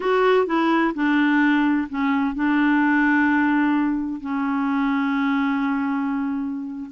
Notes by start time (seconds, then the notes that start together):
0.00 F#4
0.46 E4
0.94 D4
1.89 C#4
2.34 D4
4.20 C#4